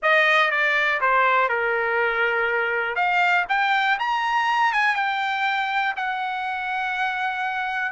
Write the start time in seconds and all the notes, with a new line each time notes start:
0.02 D#5
0.50 D5
1.00 C5
1.49 A#4
2.95 F5
3.48 G5
3.99 A#5
4.72 G#5
4.95 G5
5.96 F#5